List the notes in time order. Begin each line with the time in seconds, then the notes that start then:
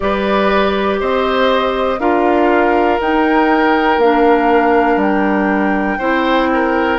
0.00 G3 G4 B4 D5
1.00 C4 C5 D#5
1.99 D4 F4 A#4 F5
3.00 D#4 G5
3.97 A#3 D4 F5
4.96 G3 G5
5.98 C4 E4 C5
6.53 A#4